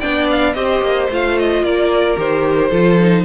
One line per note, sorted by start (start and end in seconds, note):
0.00 0.55 B3
0.00 0.55 D4
0.00 0.55 D5
0.00 0.27 G5
0.31 0.54 F5
0.54 0.82 C4
0.54 1.09 G4
0.54 1.64 C5
0.54 1.08 D#5
0.82 1.09 A#3
1.10 1.62 A3
1.10 2.17 F4
1.10 1.39 F5
1.39 1.65 D#5
1.62 2.16 A#3
1.62 2.70 A#4
1.62 2.19 D5
2.17 2.72 D#3
2.17 2.71 G4
2.17 3.25 C5
2.70 3.25 F3
2.70 3.00 F4
2.70 3.24 A4
3.00 3.25 D#4